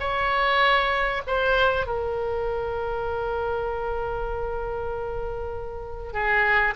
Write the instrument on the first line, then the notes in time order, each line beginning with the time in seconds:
oboe
0.00 C#5
1.27 C5
1.87 A#4
6.13 G#4